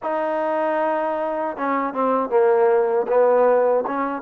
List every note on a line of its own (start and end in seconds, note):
0.02 1.56 D#4
1.57 1.93 C#4
1.93 2.29 C4
2.29 3.06 A#3
3.07 3.84 B3
3.87 4.22 C#4